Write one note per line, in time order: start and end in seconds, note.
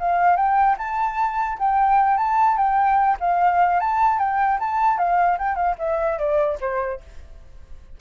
0.00 0.37 F5
0.37 0.77 G5
0.79 1.59 A5
1.59 2.18 G5
2.18 2.58 A5
2.58 3.18 G5
3.20 3.80 F5
3.81 4.19 A5
4.19 4.59 G5
4.60 4.99 A5
4.99 5.39 F5
5.39 5.56 G5
5.56 5.76 F5
5.79 6.19 E5
6.19 6.59 D5
6.61 7.01 C5